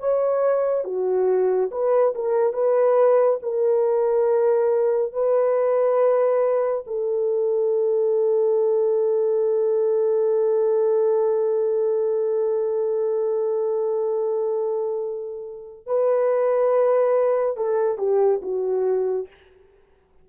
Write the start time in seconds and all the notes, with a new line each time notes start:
0.00 C#5
0.85 F#4
1.71 B4
2.15 A#4
2.54 B4
3.42 A#4
5.13 B4
6.87 A4
15.86 B4
17.57 A4
17.98 G4
18.42 F#4